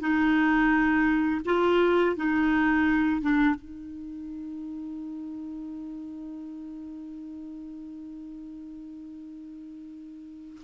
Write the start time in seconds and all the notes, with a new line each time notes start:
0.00 D#4
1.45 F4
2.16 D#4
3.22 D4
3.55 D#4